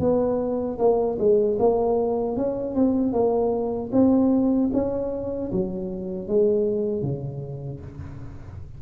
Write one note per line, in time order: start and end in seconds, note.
0.00 0.78 B3
0.79 1.18 A#3
1.19 1.58 G#3
1.59 2.37 A#3
2.37 2.76 C#4
2.76 3.13 C4
3.13 3.91 A#3
3.93 4.71 C4
4.74 5.51 C#4
5.52 6.28 F#3
6.28 7.03 G#3
7.03 7.81 C#3